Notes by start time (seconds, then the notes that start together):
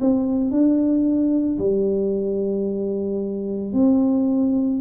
0.00 C4
0.51 D4
1.58 G3
3.73 C4